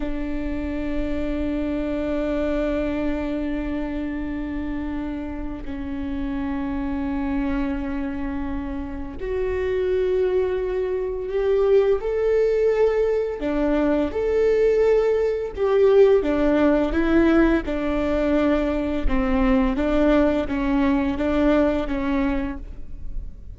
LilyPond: \new Staff \with { instrumentName = "viola" } { \time 4/4 \tempo 4 = 85 d'1~ | d'1 | cis'1~ | cis'4 fis'2. |
g'4 a'2 d'4 | a'2 g'4 d'4 | e'4 d'2 c'4 | d'4 cis'4 d'4 cis'4 | }